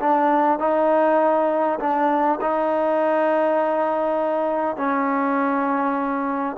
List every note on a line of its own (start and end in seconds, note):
0.00 0.59 D4
0.59 1.79 D#4
1.79 2.39 D4
2.41 4.76 D#4
4.76 6.56 C#4